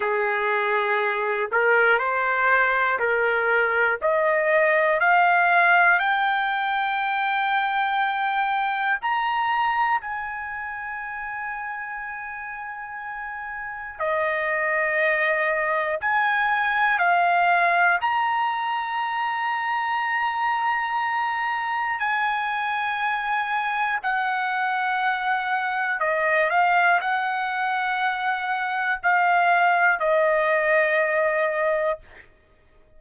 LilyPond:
\new Staff \with { instrumentName = "trumpet" } { \time 4/4 \tempo 4 = 60 gis'4. ais'8 c''4 ais'4 | dis''4 f''4 g''2~ | g''4 ais''4 gis''2~ | gis''2 dis''2 |
gis''4 f''4 ais''2~ | ais''2 gis''2 | fis''2 dis''8 f''8 fis''4~ | fis''4 f''4 dis''2 | }